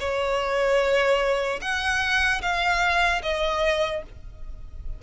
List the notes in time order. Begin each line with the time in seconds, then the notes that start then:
0.00 C#5
1.62 F#5
2.42 F5
3.23 D#5